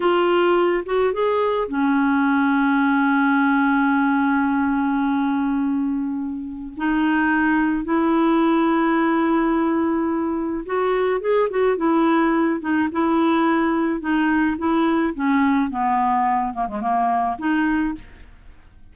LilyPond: \new Staff \with { instrumentName = "clarinet" } { \time 4/4 \tempo 4 = 107 f'4. fis'8 gis'4 cis'4~ | cis'1~ | cis'1 | dis'2 e'2~ |
e'2. fis'4 | gis'8 fis'8 e'4. dis'8 e'4~ | e'4 dis'4 e'4 cis'4 | b4. ais16 gis16 ais4 dis'4 | }